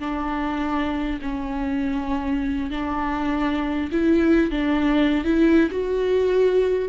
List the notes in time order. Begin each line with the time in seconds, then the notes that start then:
0.00 D4
1.22 C#4
2.71 D4
3.92 E4
4.51 D4
5.25 E4
5.71 F#4